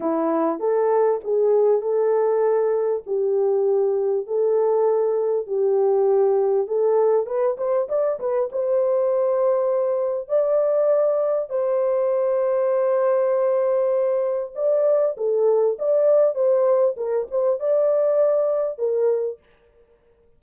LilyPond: \new Staff \with { instrumentName = "horn" } { \time 4/4 \tempo 4 = 99 e'4 a'4 gis'4 a'4~ | a'4 g'2 a'4~ | a'4 g'2 a'4 | b'8 c''8 d''8 b'8 c''2~ |
c''4 d''2 c''4~ | c''1 | d''4 a'4 d''4 c''4 | ais'8 c''8 d''2 ais'4 | }